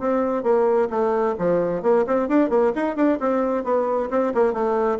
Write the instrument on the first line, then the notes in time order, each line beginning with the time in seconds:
bassoon
0.00 C4
0.43 A#3
0.90 A3
1.39 F3
1.83 A#3
2.07 C4
2.29 D4
2.50 A#3
2.76 D#4
2.96 D4
3.20 C4
3.64 B3
4.11 C4
4.35 A#3
4.53 A3